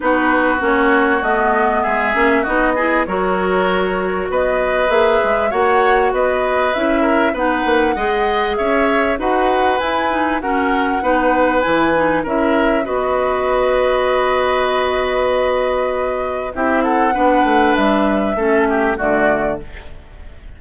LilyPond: <<
  \new Staff \with { instrumentName = "flute" } { \time 4/4 \tempo 4 = 98 b'4 cis''4 dis''4 e''4 | dis''4 cis''2 dis''4 | e''4 fis''4 dis''4 e''4 | fis''2 e''4 fis''4 |
gis''4 fis''2 gis''4 | e''4 dis''2.~ | dis''2. e''8 fis''8~ | fis''4 e''2 d''4 | }
  \new Staff \with { instrumentName = "oboe" } { \time 4/4 fis'2. gis'4 | fis'8 gis'8 ais'2 b'4~ | b'4 cis''4 b'4. ais'8 | b'4 dis''4 cis''4 b'4~ |
b'4 ais'4 b'2 | ais'4 b'2.~ | b'2. g'8 a'8 | b'2 a'8 g'8 fis'4 | }
  \new Staff \with { instrumentName = "clarinet" } { \time 4/4 dis'4 cis'4 b4. cis'8 | dis'8 e'8 fis'2. | gis'4 fis'2 e'4 | dis'4 gis'2 fis'4 |
e'8 dis'8 cis'4 dis'4 e'8 dis'8 | e'4 fis'2.~ | fis'2. e'4 | d'2 cis'4 a4 | }
  \new Staff \with { instrumentName = "bassoon" } { \time 4/4 b4 ais4 a4 gis8 ais8 | b4 fis2 b4 | ais8 gis8 ais4 b4 cis'4 | b8 ais8 gis4 cis'4 dis'4 |
e'4 fis'4 b4 e4 | cis'4 b2.~ | b2. c'4 | b8 a8 g4 a4 d4 | }
>>